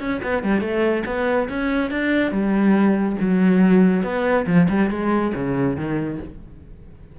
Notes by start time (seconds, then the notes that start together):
0.00 C#4
0.23 B3
0.44 G3
0.61 A3
1.06 B3
1.49 C#4
1.91 D4
2.32 G3
3.21 F#3
4.04 B3
4.47 F3
4.69 G3
4.91 G#3
5.35 C#3
5.77 D#3